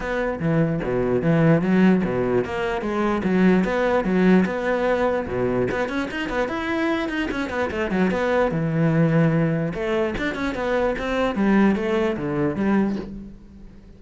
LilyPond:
\new Staff \with { instrumentName = "cello" } { \time 4/4 \tempo 4 = 148 b4 e4 b,4 e4 | fis4 b,4 ais4 gis4 | fis4 b4 fis4 b4~ | b4 b,4 b8 cis'8 dis'8 b8 |
e'4. dis'8 cis'8 b8 a8 fis8 | b4 e2. | a4 d'8 cis'8 b4 c'4 | g4 a4 d4 g4 | }